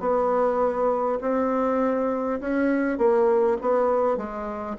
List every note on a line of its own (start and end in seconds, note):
0.00 1.19 B3
1.22 2.40 C4
2.41 2.98 C#4
2.98 3.58 A#3
3.61 4.17 B3
4.17 4.77 G#3